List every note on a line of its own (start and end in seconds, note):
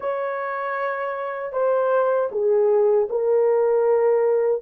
0.00 1.52 C#5
1.52 2.29 C5
2.31 3.08 G#4
3.09 4.62 A#4